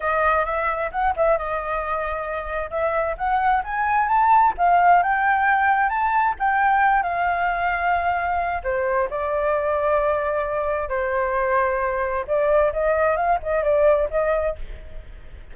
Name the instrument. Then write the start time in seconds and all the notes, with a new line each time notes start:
flute
0.00 D#5
0.45 E5
0.91 F#5
1.16 E5
1.38 D#5
2.70 E5
3.17 F#5
3.63 G#5
4.08 A5
4.57 F5
5.02 G5
5.89 A5
6.39 G5
7.02 F5
8.63 C5
9.10 D5
10.88 C5
12.27 D5
12.73 D#5
13.16 F5
13.42 D#5
13.63 D5
14.10 D#5